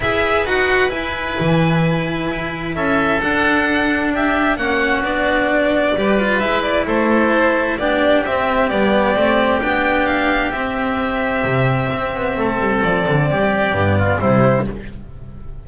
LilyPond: <<
  \new Staff \with { instrumentName = "violin" } { \time 4/4 \tempo 4 = 131 e''4 fis''4 gis''2~ | gis''2 e''4 fis''4~ | fis''4 e''4 fis''4 d''4~ | d''2 e''8 d''8 c''4~ |
c''4 d''4 e''4 d''4~ | d''4 g''4 f''4 e''4~ | e''1 | d''2. c''4 | }
  \new Staff \with { instrumentName = "oboe" } { \time 4/4 b'1~ | b'2 a'2~ | a'4 g'4 fis'2~ | fis'4 b'2 a'4~ |
a'4 g'2.~ | g'1~ | g'2. a'4~ | a'4 g'4. f'8 e'4 | }
  \new Staff \with { instrumentName = "cello" } { \time 4/4 gis'4 fis'4 e'2~ | e'2. d'4~ | d'2 cis'4 d'4~ | d'4 g'8 f'8 e'2~ |
e'4 d'4 c'4 b4 | c'4 d'2 c'4~ | c'1~ | c'2 b4 g4 | }
  \new Staff \with { instrumentName = "double bass" } { \time 4/4 e'4 dis'4 e'4 e4~ | e4 e'4 cis'4 d'4~ | d'2 ais4 b4~ | b4 g4 gis4 a4~ |
a4 b4 c'4 g4 | a4 b2 c'4~ | c'4 c4 c'8 b8 a8 g8 | f8 d8 g4 g,4 c4 | }
>>